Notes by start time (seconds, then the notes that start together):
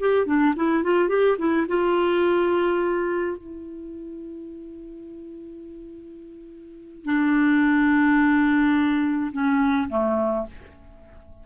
0.00 G4
0.26 D4
0.56 E4
0.84 F4
1.09 G4
1.38 E4
1.68 F4
3.38 E4
7.05 D4
9.32 C#4
9.90 A3